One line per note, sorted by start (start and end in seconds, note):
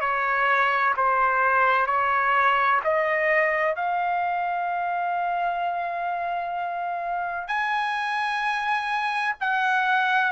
0.00 0.94 C#5
0.96 1.86 C5
1.86 2.80 C#5
2.84 3.75 D#5
3.75 7.47 F5
7.47 9.35 G#5
9.40 10.31 F#5